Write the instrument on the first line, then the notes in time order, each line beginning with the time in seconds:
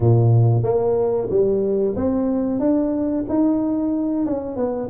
tuba
0.00 A#2
0.63 A#3
1.30 G3
1.96 C4
2.59 D4
3.28 D#4
4.25 C#4
4.56 B3